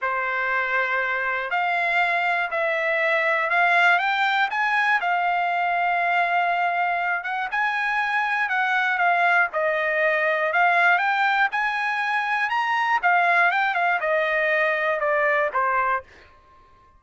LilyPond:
\new Staff \with { instrumentName = "trumpet" } { \time 4/4 \tempo 4 = 120 c''2. f''4~ | f''4 e''2 f''4 | g''4 gis''4 f''2~ | f''2~ f''8 fis''8 gis''4~ |
gis''4 fis''4 f''4 dis''4~ | dis''4 f''4 g''4 gis''4~ | gis''4 ais''4 f''4 g''8 f''8 | dis''2 d''4 c''4 | }